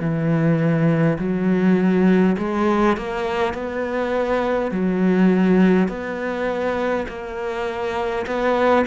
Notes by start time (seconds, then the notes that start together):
0.00 E3
1.18 F#3
2.38 G#3
2.97 A#3
3.53 B3
4.71 F#3
5.88 B3
7.08 A#3
8.26 B3